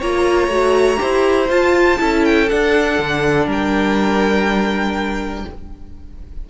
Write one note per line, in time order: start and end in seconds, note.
0.00 0.48 A#3
0.00 0.51 F4
0.00 0.99 C#5
0.00 1.50 A#5
0.48 0.97 A3
0.48 0.97 F#4
0.97 1.46 G4
0.97 2.00 C5
1.03 1.49 E4
1.49 1.99 F4
1.49 2.25 A5
1.99 2.51 C#4
1.99 2.48 E4
1.99 3.47 A4
2.25 2.49 G5
2.49 5.48 D4
2.49 2.99 D4
2.49 3.49 F#5
2.99 3.47 D3
3.47 5.45 G3
3.47 5.45 A#4
3.47 5.50 G5